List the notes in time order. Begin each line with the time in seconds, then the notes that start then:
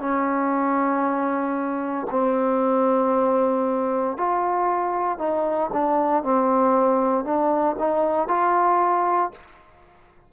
0.00 C#4
2.11 C4
4.17 F4
5.19 D#4
5.73 D4
6.24 C4
7.25 D4
7.79 D#4
8.28 F4